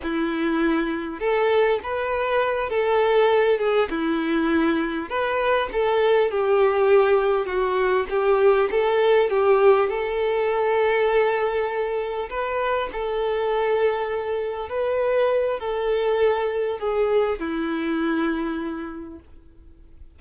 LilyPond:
\new Staff \with { instrumentName = "violin" } { \time 4/4 \tempo 4 = 100 e'2 a'4 b'4~ | b'8 a'4. gis'8 e'4.~ | e'8 b'4 a'4 g'4.~ | g'8 fis'4 g'4 a'4 g'8~ |
g'8 a'2.~ a'8~ | a'8 b'4 a'2~ a'8~ | a'8 b'4. a'2 | gis'4 e'2. | }